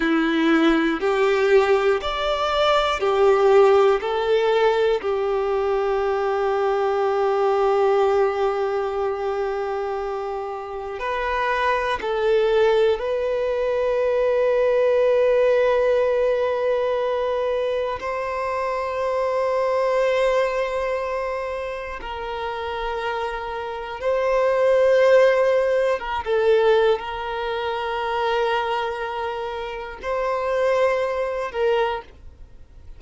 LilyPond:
\new Staff \with { instrumentName = "violin" } { \time 4/4 \tempo 4 = 60 e'4 g'4 d''4 g'4 | a'4 g'2.~ | g'2. b'4 | a'4 b'2.~ |
b'2 c''2~ | c''2 ais'2 | c''2 ais'16 a'8. ais'4~ | ais'2 c''4. ais'8 | }